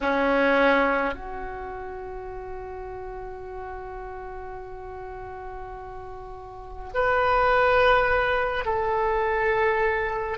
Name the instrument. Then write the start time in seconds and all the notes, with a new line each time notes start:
oboe
0.00 C#4
1.14 F#4
6.93 B4
8.65 A4